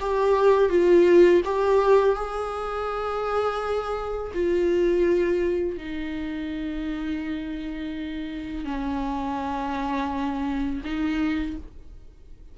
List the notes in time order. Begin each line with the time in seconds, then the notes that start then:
0.00 G4
0.69 F4
1.45 G4
2.15 G#4
4.34 F4
5.77 D#4
8.65 C#4
10.85 D#4